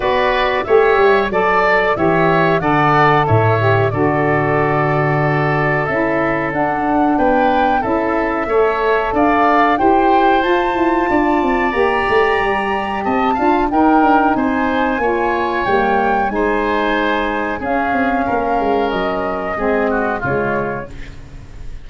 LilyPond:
<<
  \new Staff \with { instrumentName = "flute" } { \time 4/4 \tempo 4 = 92 d''4 e''4 d''4 e''4 | fis''4 e''4 d''2~ | d''4 e''4 fis''4 g''4 | e''2 f''4 g''4 |
a''2 ais''2 | a''4 g''4 gis''2 | g''4 gis''2 f''4~ | f''4 dis''2 cis''4 | }
  \new Staff \with { instrumentName = "oboe" } { \time 4/4 b'4 cis''4 d''4 cis''4 | d''4 cis''4 a'2~ | a'2. b'4 | a'4 cis''4 d''4 c''4~ |
c''4 d''2. | dis''8 f''8 ais'4 c''4 cis''4~ | cis''4 c''2 gis'4 | ais'2 gis'8 fis'8 f'4 | }
  \new Staff \with { instrumentName = "saxophone" } { \time 4/4 fis'4 g'4 a'4 g'4 | a'4. g'8 fis'2~ | fis'4 e'4 d'2 | e'4 a'2 g'4 |
f'2 g'2~ | g'8 f'8 dis'2 f'4 | ais4 dis'2 cis'4~ | cis'2 c'4 gis4 | }
  \new Staff \with { instrumentName = "tuba" } { \time 4/4 b4 a8 g8 fis4 e4 | d4 a,4 d2~ | d4 cis'4 d'4 b4 | cis'4 a4 d'4 e'4 |
f'8 e'8 d'8 c'8 ais8 a8 g4 | c'8 d'8 dis'8 d'8 c'4 ais4 | g4 gis2 cis'8 c'8 | ais8 gis8 fis4 gis4 cis4 | }
>>